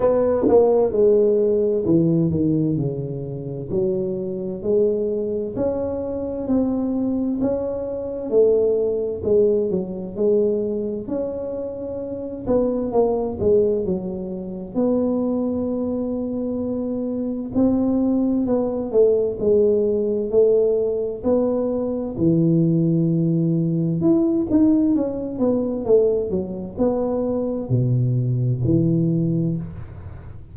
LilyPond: \new Staff \with { instrumentName = "tuba" } { \time 4/4 \tempo 4 = 65 b8 ais8 gis4 e8 dis8 cis4 | fis4 gis4 cis'4 c'4 | cis'4 a4 gis8 fis8 gis4 | cis'4. b8 ais8 gis8 fis4 |
b2. c'4 | b8 a8 gis4 a4 b4 | e2 e'8 dis'8 cis'8 b8 | a8 fis8 b4 b,4 e4 | }